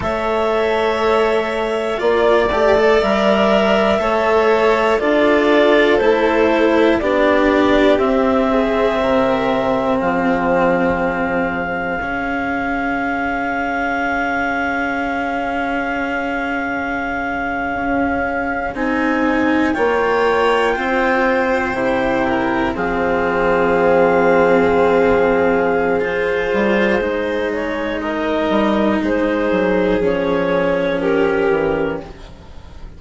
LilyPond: <<
  \new Staff \with { instrumentName = "clarinet" } { \time 4/4 \tempo 4 = 60 e''2 d''4 e''4~ | e''4 d''4 c''4 d''4 | e''2 f''2~ | f''1~ |
f''2~ f''8. gis''4 g''16~ | g''2~ g''8. f''4~ f''16~ | f''2 c''4. cis''8 | dis''4 c''4 cis''4 ais'4 | }
  \new Staff \with { instrumentName = "violin" } { \time 4/4 cis''2 d''2 | cis''4 a'2 g'4~ | g'8 gis'8 ais'4 gis'2~ | gis'1~ |
gis'2.~ gis'8. cis''16~ | cis''8. c''4. ais'8 gis'4~ gis'16~ | gis'1 | ais'4 gis'2 g'4 | }
  \new Staff \with { instrumentName = "cello" } { \time 4/4 a'2 f'8 g'16 a'16 ais'4 | a'4 f'4 e'4 d'4 | c'1 | cis'1~ |
cis'2~ cis'8. dis'4 f'16~ | f'4.~ f'16 e'4 c'4~ c'16~ | c'2 f'4 dis'4~ | dis'2 cis'2 | }
  \new Staff \with { instrumentName = "bassoon" } { \time 4/4 a2 ais8 a8 g4 | a4 d'4 a4 b4 | c'4 c4 f2 | cis1~ |
cis4.~ cis16 cis'4 c'4 ais16~ | ais8. c'4 c4 f4~ f16~ | f2~ f8 g8 gis4~ | gis8 g8 gis8 fis8 f4. e8 | }
>>